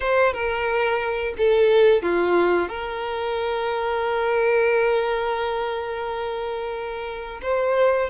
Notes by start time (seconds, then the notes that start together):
0.00 C5
0.33 A#4
1.37 A4
2.02 F4
2.68 A#4
7.42 C5